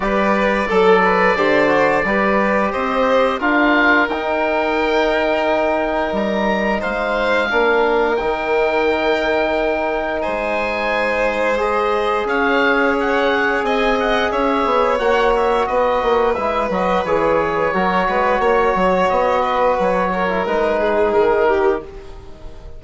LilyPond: <<
  \new Staff \with { instrumentName = "oboe" } { \time 4/4 \tempo 4 = 88 d''1 | dis''4 f''4 g''2~ | g''4 ais''4 f''2 | g''2. gis''4~ |
gis''4 dis''4 f''4 fis''4 | gis''8 fis''8 e''4 fis''8 e''8 dis''4 | e''8 dis''8 cis''2. | dis''4 cis''4 b'4 ais'4 | }
  \new Staff \with { instrumentName = "violin" } { \time 4/4 b'4 a'8 b'8 c''4 b'4 | c''4 ais'2.~ | ais'2 c''4 ais'4~ | ais'2. c''4~ |
c''2 cis''2 | dis''4 cis''2 b'4~ | b'2 ais'8 b'8 cis''4~ | cis''8 b'4 ais'4 gis'4 g'8 | }
  \new Staff \with { instrumentName = "trombone" } { \time 4/4 g'4 a'4 g'8 fis'8 g'4~ | g'4 f'4 dis'2~ | dis'2. d'4 | dis'1~ |
dis'4 gis'2.~ | gis'2 fis'2 | e'8 fis'8 gis'4 fis'2~ | fis'4.~ fis'16 e'16 dis'2 | }
  \new Staff \with { instrumentName = "bassoon" } { \time 4/4 g4 fis4 d4 g4 | c'4 d'4 dis'2~ | dis'4 g4 gis4 ais4 | dis2. gis4~ |
gis2 cis'2 | c'4 cis'8 b8 ais4 b8 ais8 | gis8 fis8 e4 fis8 gis8 ais8 fis8 | b4 fis4 gis4 dis4 | }
>>